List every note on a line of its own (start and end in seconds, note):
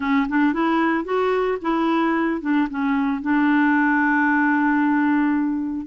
0.00 0.27 C#4
0.28 0.53 D4
0.53 1.04 E4
1.04 1.58 F#4
1.61 2.41 E4
2.41 2.68 D4
2.69 3.21 C#4
3.21 5.87 D4